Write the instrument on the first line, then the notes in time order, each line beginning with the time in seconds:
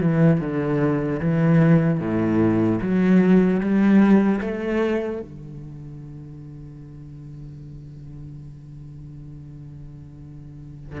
cello
0.00 E3
0.40 D3
1.20 E3
2.00 A2
2.81 F#3
3.60 G3
4.41 A3
5.21 D3